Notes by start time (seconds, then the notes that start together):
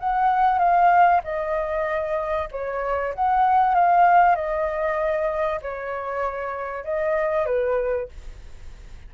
0.00 F#5
0.59 F5
1.24 D#5
2.51 C#5
3.14 F#5
3.74 F5
4.35 D#5
5.62 C#5
6.84 D#5
7.46 B4